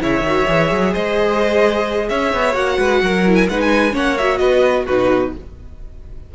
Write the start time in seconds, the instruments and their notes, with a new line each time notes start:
0.00 cello C#3, viola E4, violin C#5 E5
0.21 cello D#3, viola F#4
0.47 cello E3, viola G#4
0.71 cello F#3
0.93 cello G#3, violin C5 D#5
2.09 cello C#4, violin C#5 E5
2.33 cello B3
2.53 cello A#3, viola F#4, violin F#5
2.78 cello G#3, violin B4
3.02 cello F#3, violin A#4
3.26 viola E4
3.35 violin G#5
3.49 cello G#3, viola D#4, violin B4 F#5
3.61 violin G#5
3.93 cello A#3, viola C#4, violin C#5 F#5
4.18 viola F#4, violin E5
4.37 cello B3, violin B4 D#5
4.85 cello B2, viola D#4, violin F#4 B4